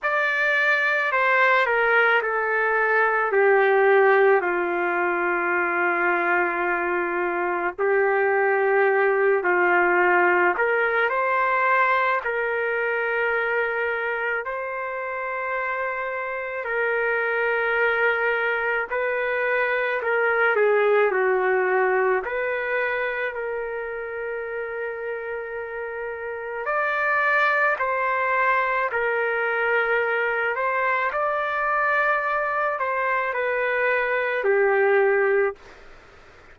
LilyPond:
\new Staff \with { instrumentName = "trumpet" } { \time 4/4 \tempo 4 = 54 d''4 c''8 ais'8 a'4 g'4 | f'2. g'4~ | g'8 f'4 ais'8 c''4 ais'4~ | ais'4 c''2 ais'4~ |
ais'4 b'4 ais'8 gis'8 fis'4 | b'4 ais'2. | d''4 c''4 ais'4. c''8 | d''4. c''8 b'4 g'4 | }